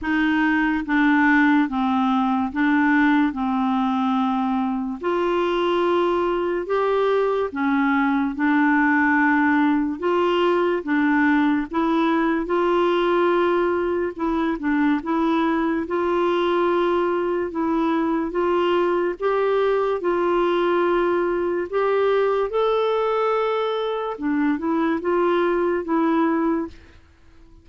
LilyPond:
\new Staff \with { instrumentName = "clarinet" } { \time 4/4 \tempo 4 = 72 dis'4 d'4 c'4 d'4 | c'2 f'2 | g'4 cis'4 d'2 | f'4 d'4 e'4 f'4~ |
f'4 e'8 d'8 e'4 f'4~ | f'4 e'4 f'4 g'4 | f'2 g'4 a'4~ | a'4 d'8 e'8 f'4 e'4 | }